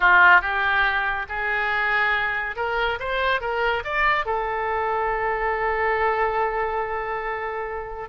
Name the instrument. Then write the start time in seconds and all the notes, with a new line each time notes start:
oboe
0.00 F4
0.41 G4
1.29 G#4
2.56 A#4
2.99 C5
3.40 A#4
3.84 D5
4.25 A4